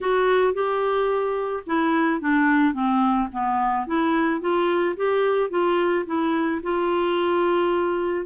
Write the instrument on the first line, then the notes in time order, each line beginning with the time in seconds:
clarinet
0.01 F#4
0.53 G4
1.66 E4
2.20 D4
2.73 C4
3.32 B3
3.86 E4
4.40 F4
4.96 G4
5.50 F4
6.06 E4
6.63 F4